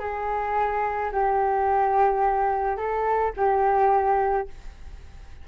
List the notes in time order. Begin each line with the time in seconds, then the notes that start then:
0.00 G#4
1.12 G4
2.78 A4
3.37 G4